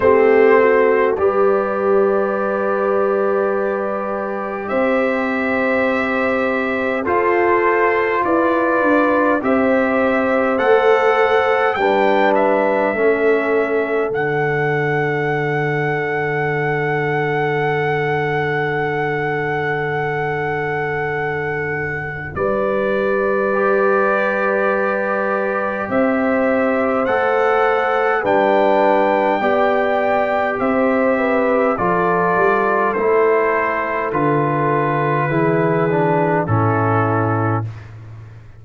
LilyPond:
<<
  \new Staff \with { instrumentName = "trumpet" } { \time 4/4 \tempo 4 = 51 c''4 d''2. | e''2 c''4 d''4 | e''4 fis''4 g''8 e''4. | fis''1~ |
fis''2. d''4~ | d''2 e''4 fis''4 | g''2 e''4 d''4 | c''4 b'2 a'4 | }
  \new Staff \with { instrumentName = "horn" } { \time 4/4 g'8 fis'8 b'2. | c''2 a'4 b'4 | c''2 b'4 a'4~ | a'1~ |
a'2. b'4~ | b'2 c''2 | b'4 d''4 c''8 b'8 a'4~ | a'2 gis'4 e'4 | }
  \new Staff \with { instrumentName = "trombone" } { \time 4/4 c'4 g'2.~ | g'2 f'2 | g'4 a'4 d'4 cis'4 | d'1~ |
d'1 | g'2. a'4 | d'4 g'2 f'4 | e'4 f'4 e'8 d'8 cis'4 | }
  \new Staff \with { instrumentName = "tuba" } { \time 4/4 a4 g2. | c'2 f'4 e'8 d'8 | c'4 a4 g4 a4 | d1~ |
d2. g4~ | g2 c'4 a4 | g4 b4 c'4 f8 g8 | a4 d4 e4 a,4 | }
>>